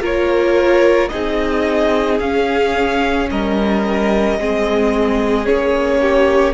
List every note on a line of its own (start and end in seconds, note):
0.00 1.09 A#3
0.00 1.09 F4
0.00 1.10 A#4
0.00 1.09 C#5
1.09 2.20 C4
1.09 2.21 D#4
1.09 3.30 G#4
1.09 2.18 D#5
2.20 3.29 C#4
2.20 4.40 C#4
2.20 3.29 F5
3.30 4.39 G3
3.30 4.40 A#4
3.30 5.46 D#5
4.39 5.48 G#3
4.39 5.45 C4
4.39 6.01 G#4
5.45 6.53 A#3
5.45 6.53 C#4
5.45 6.53 C#5
6.01 6.53 G4